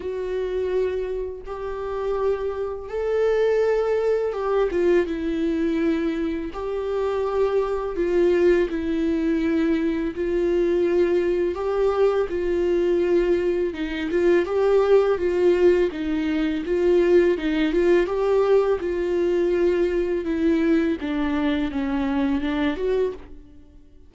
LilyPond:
\new Staff \with { instrumentName = "viola" } { \time 4/4 \tempo 4 = 83 fis'2 g'2 | a'2 g'8 f'8 e'4~ | e'4 g'2 f'4 | e'2 f'2 |
g'4 f'2 dis'8 f'8 | g'4 f'4 dis'4 f'4 | dis'8 f'8 g'4 f'2 | e'4 d'4 cis'4 d'8 fis'8 | }